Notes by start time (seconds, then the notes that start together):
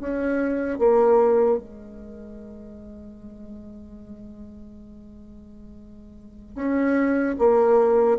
0.00 C#4
0.79 A#3
1.58 G#3
6.55 C#4
7.39 A#3